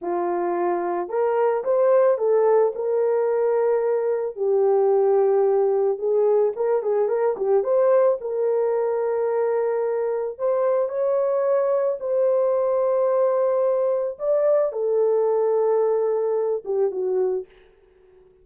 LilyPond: \new Staff \with { instrumentName = "horn" } { \time 4/4 \tempo 4 = 110 f'2 ais'4 c''4 | a'4 ais'2. | g'2. gis'4 | ais'8 gis'8 ais'8 g'8 c''4 ais'4~ |
ais'2. c''4 | cis''2 c''2~ | c''2 d''4 a'4~ | a'2~ a'8 g'8 fis'4 | }